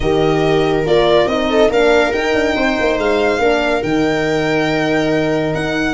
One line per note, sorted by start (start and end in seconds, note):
0.00 0.85 D#3
0.00 0.86 G4
0.00 1.50 A#4
0.00 0.84 D#5
0.86 1.26 A#3
0.86 1.28 F4
0.86 1.27 D5
1.26 1.68 C4
1.26 1.71 D#4
1.26 1.70 D#5
1.50 1.70 A4
1.69 2.11 A#3
1.69 2.13 D4
1.69 2.55 A#4
1.69 2.12 F5
2.12 3.40 D#4
2.12 2.34 D#4
2.12 2.97 G5
2.34 2.55 D4
2.55 2.77 C4
2.55 3.40 C5
2.80 2.98 A#3
2.98 3.38 G#3
2.98 3.82 F5
3.38 3.81 A#3
3.38 3.83 D4
3.38 5.93 A#4
3.82 5.53 D#3
3.82 5.93 D#4
3.82 5.53 G5
5.54 5.93 D#4
5.54 5.93 F#5